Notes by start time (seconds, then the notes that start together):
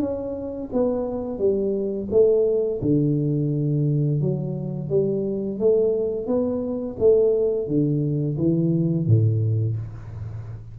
0.00 C#4
0.73 B3
1.39 G3
2.11 A3
2.82 D3
4.21 F#3
4.90 G3
5.60 A3
6.27 B3
6.99 A3
7.68 D3
8.38 E3
9.07 A2